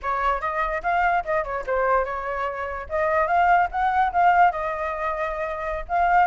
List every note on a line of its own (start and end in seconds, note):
0.02 0.41 C#5
0.41 0.82 D#5
0.82 1.23 F5
1.24 1.44 D#5
1.44 1.64 C#5
1.66 2.04 C5
2.04 2.87 C#5
2.89 3.27 D#5
3.27 3.68 F5
3.71 4.12 F#5
4.12 4.51 F5
4.51 5.85 D#5
5.88 6.27 F5